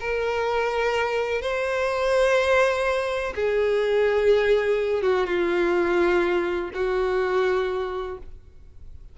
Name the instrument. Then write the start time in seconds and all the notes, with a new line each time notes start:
violin
0.00 A#4
1.41 C5
3.35 G#4
5.02 F#4
5.26 F4
6.74 F#4